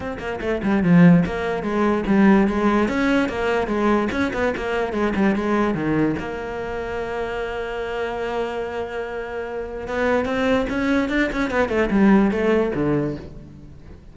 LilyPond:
\new Staff \with { instrumentName = "cello" } { \time 4/4 \tempo 4 = 146 c'8 ais8 a8 g8 f4 ais4 | gis4 g4 gis4 cis'4 | ais4 gis4 cis'8 b8 ais4 | gis8 g8 gis4 dis4 ais4~ |
ais1~ | ais1 | b4 c'4 cis'4 d'8 cis'8 | b8 a8 g4 a4 d4 | }